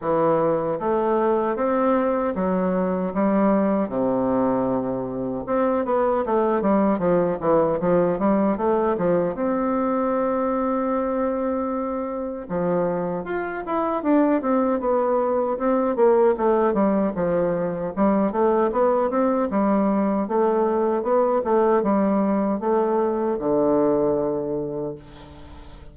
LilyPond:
\new Staff \with { instrumentName = "bassoon" } { \time 4/4 \tempo 4 = 77 e4 a4 c'4 fis4 | g4 c2 c'8 b8 | a8 g8 f8 e8 f8 g8 a8 f8 | c'1 |
f4 f'8 e'8 d'8 c'8 b4 | c'8 ais8 a8 g8 f4 g8 a8 | b8 c'8 g4 a4 b8 a8 | g4 a4 d2 | }